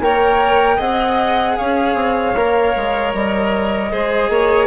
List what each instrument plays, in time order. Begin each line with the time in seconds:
0.00 bassoon A#3, cello A#4, violin C#5, flute G5
0.76 bassoon C4, cello G#4, violin D#5, flute F#5
1.56 bassoon C#4, violin C#5, flute F5
1.94 bassoon C4
2.35 bassoon A#3, cello A#4
2.75 bassoon G#3
3.14 bassoon G3, flute D#5
3.91 bassoon G#3, cello G#4, violin C5
4.29 bassoon A#3, violin C#5